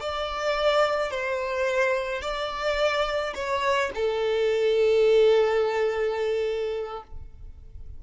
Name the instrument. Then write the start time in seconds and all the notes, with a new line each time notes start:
violin
0.00 D5
1.10 C5
2.21 D5
3.35 C#5
3.94 A4